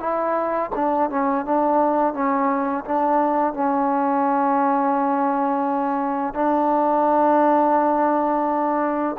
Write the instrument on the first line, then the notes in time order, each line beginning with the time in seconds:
trombone
0.00 E4
0.75 D4
1.10 C#4
1.45 D4
2.14 C#4
2.85 D4
3.54 C#4
6.34 D4